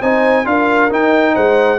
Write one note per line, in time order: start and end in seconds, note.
0.00 0.45 C4
0.00 0.44 D#4
0.00 0.45 C5
0.00 0.46 G#5
0.44 0.90 D4
0.44 0.89 F4
0.44 1.33 A#4
0.44 0.91 F5
0.89 1.78 D#4
0.89 1.35 D#4
0.89 1.35 G5
1.33 1.78 G#3
1.33 1.78 C5
1.33 1.78 F#5